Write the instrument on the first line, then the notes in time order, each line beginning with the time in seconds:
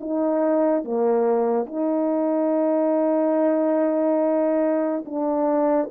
horn
0.00 D#4
0.84 A#3
1.66 D#4
5.05 D4